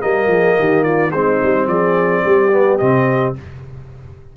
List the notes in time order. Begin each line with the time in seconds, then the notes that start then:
0.00 G3 A#3 A#4 D#5
0.27 F3 G#4
0.58 D#3 G4
0.83 F4 D5
1.11 G#3 C4 D#4 C5
1.42 G3
1.67 F3 G#4 D5
2.25 G3 G4
2.51 B3
2.78 C3 C4 D#5